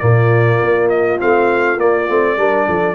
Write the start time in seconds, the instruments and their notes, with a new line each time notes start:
0.00 tuba A#2, trombone A#3, horn F4, trumpet D5
0.62 tuba A#3
0.89 trumpet D#5
1.19 tuba A3, trombone C4, trumpet F5
1.77 tuba A#3, trombone A#3, trumpet D5
2.08 tuba A3, trombone C4
2.37 tuba G3, trombone D4, horn A#4
2.68 tuba F3, horn A4